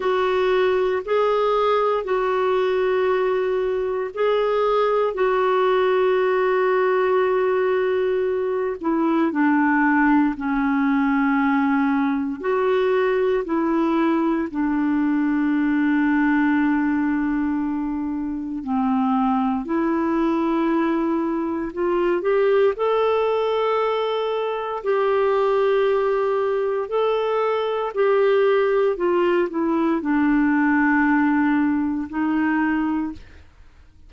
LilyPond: \new Staff \with { instrumentName = "clarinet" } { \time 4/4 \tempo 4 = 58 fis'4 gis'4 fis'2 | gis'4 fis'2.~ | fis'8 e'8 d'4 cis'2 | fis'4 e'4 d'2~ |
d'2 c'4 e'4~ | e'4 f'8 g'8 a'2 | g'2 a'4 g'4 | f'8 e'8 d'2 dis'4 | }